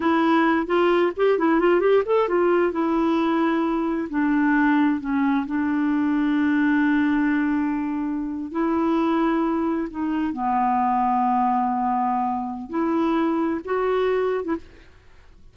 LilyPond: \new Staff \with { instrumentName = "clarinet" } { \time 4/4 \tempo 4 = 132 e'4. f'4 g'8 e'8 f'8 | g'8 a'8 f'4 e'2~ | e'4 d'2 cis'4 | d'1~ |
d'2~ d'8. e'4~ e'16~ | e'4.~ e'16 dis'4 b4~ b16~ | b1 | e'2 fis'4.~ fis'16 e'16 | }